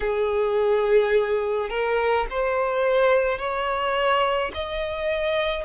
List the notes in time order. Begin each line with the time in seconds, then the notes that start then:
0.00 G#4
1.69 A#4
2.30 C5
3.38 C#5
4.54 D#5